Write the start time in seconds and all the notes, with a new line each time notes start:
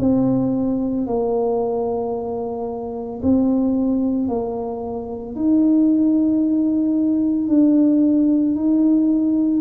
0.00 C4
1.07 A#3
3.23 C4
4.29 A#3
5.36 D#4
7.49 D4
8.56 D#4